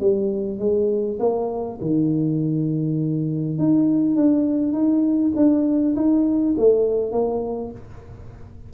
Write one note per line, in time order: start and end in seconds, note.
0.00 0.59 G3
0.59 1.18 G#3
1.19 1.79 A#3
1.81 3.58 D#3
3.58 4.16 D#4
4.16 4.73 D4
4.73 5.32 D#4
5.35 5.95 D4
5.96 6.55 D#4
6.58 7.12 A3
7.12 7.71 A#3